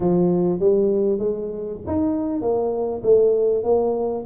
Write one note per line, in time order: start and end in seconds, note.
0.00 0.59 F3
0.59 1.18 G3
1.18 1.79 G#3
1.86 2.41 D#4
2.41 3.02 A#3
3.03 3.63 A3
3.63 4.24 A#3